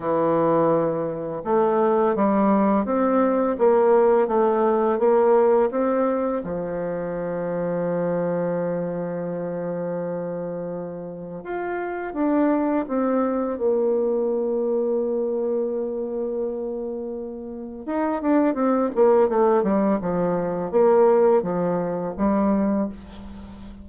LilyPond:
\new Staff \with { instrumentName = "bassoon" } { \time 4/4 \tempo 4 = 84 e2 a4 g4 | c'4 ais4 a4 ais4 | c'4 f2.~ | f1 |
f'4 d'4 c'4 ais4~ | ais1~ | ais4 dis'8 d'8 c'8 ais8 a8 g8 | f4 ais4 f4 g4 | }